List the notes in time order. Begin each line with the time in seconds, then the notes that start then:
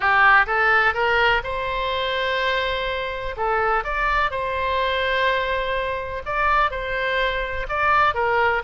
0.00 G4
0.46 A4
0.94 A#4
1.43 C5
3.36 A4
3.84 D5
4.30 C5
6.25 D5
6.71 C5
7.68 D5
8.14 A#4